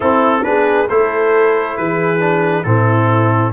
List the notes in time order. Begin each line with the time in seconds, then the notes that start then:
0.00 C4 E4 A4
0.43 B3 D4 G#4 B4
0.88 A3 E4 A4 C5
1.77 E3 G#4 B4
2.19 D4
2.63 A2 C4 E4 A4